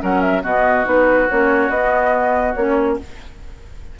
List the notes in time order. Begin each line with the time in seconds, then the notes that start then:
0.00 F#3 C#4 A#4 F#5
0.21 E5
0.42 B2 B3 F#4 D#5
0.84 B3 D#4 B4
1.29 A#3 C#4 C#5
1.69 B3 D#5
2.54 A#3 C#4 C#5